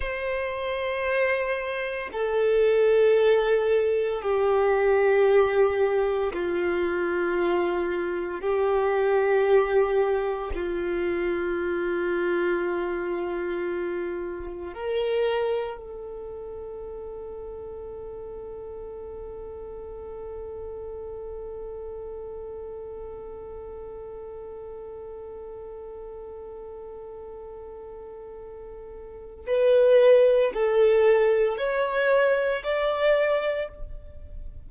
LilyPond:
\new Staff \with { instrumentName = "violin" } { \time 4/4 \tempo 4 = 57 c''2 a'2 | g'2 f'2 | g'2 f'2~ | f'2 ais'4 a'4~ |
a'1~ | a'1~ | a'1 | b'4 a'4 cis''4 d''4 | }